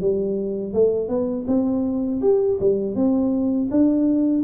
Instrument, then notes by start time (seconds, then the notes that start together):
tuba
0.00 G3
0.73 A3
1.08 B3
1.47 C4
2.21 G4
2.60 G3
2.95 C4
3.70 D4